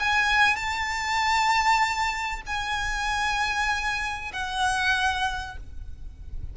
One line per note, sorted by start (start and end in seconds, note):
0.00 0.57 G#5
0.57 2.42 A5
2.47 4.32 G#5
4.33 5.57 F#5